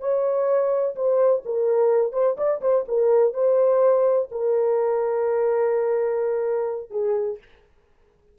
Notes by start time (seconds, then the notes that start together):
0.00 C#5
0.96 C5
1.45 A#4
2.13 C5
2.37 D5
2.61 C5
2.88 A#4
3.34 C5
4.31 A#4
6.91 G#4